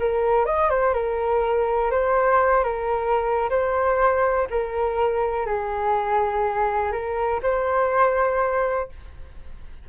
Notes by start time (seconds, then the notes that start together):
0.00 A#4
0.46 D#5
0.71 C5
0.94 A#4
1.92 C5
2.65 A#4
3.50 C5
4.51 A#4
5.47 G#4
6.92 A#4
7.43 C5